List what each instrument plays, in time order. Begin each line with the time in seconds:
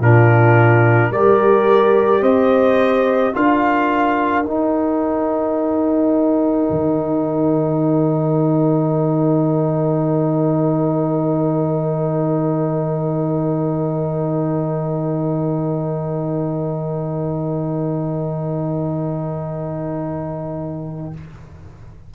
0.00 tuba A#2, trombone D4, horn F4, trumpet A#4
1.11 tuba G3, trombone G4, horn A#4, trumpet D5
2.22 tuba C4, horn C5, trumpet D#5
3.34 tuba D4, trombone F4, horn A#4, trumpet F5
4.46 tuba D#4, trombone D#4, trumpet G5
6.70 tuba D#3